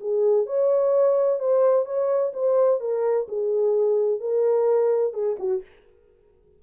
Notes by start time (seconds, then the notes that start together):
0.00 G#4
0.46 C#5
1.39 C5
1.85 C#5
2.33 C5
2.80 A#4
3.28 G#4
4.20 A#4
5.13 G#4
5.39 F#4